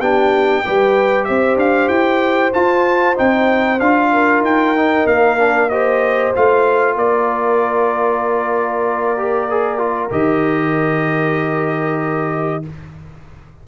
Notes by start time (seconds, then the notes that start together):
0.00 B3 D4 G4 G5
0.65 G3 G4 B4
1.25 C4 C5 E5
1.57 D4 F5
1.89 E4 G5
2.53 F4 A5
3.16 C4 D#4 G5
3.80 D4 F4 F5
4.12 A#4
4.41 D#4 G5
4.77 D#4
5.06 A#3 F5
5.39 D4
5.70 G4 C5 D#5
6.35 A3 F4 F5
6.96 A#3 A#4 D5
9.17 G4
9.51 G#4
9.78 F4
10.11 D#3 G4 D#5